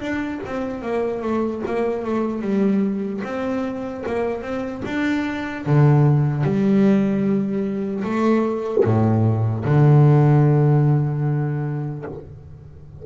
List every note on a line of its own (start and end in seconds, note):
0.00 0.40 D4
0.45 0.81 C4
0.81 1.21 A#3
1.21 1.61 A3
1.66 2.04 A#3
2.04 2.41 A3
2.41 3.21 G3
3.24 4.04 C4
4.06 4.41 A#3
4.41 4.81 C4
4.85 5.65 D4
5.65 6.43 D3
6.43 8.03 G3
8.04 8.84 A3
8.84 9.64 A2
9.64 12.04 D3